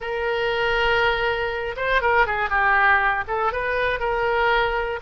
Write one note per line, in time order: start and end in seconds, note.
0.00 1.75 A#4
1.76 2.01 C5
2.01 2.26 A#4
2.26 2.49 G#4
2.49 3.24 G4
3.27 3.52 A4
3.52 3.99 B4
3.99 4.99 A#4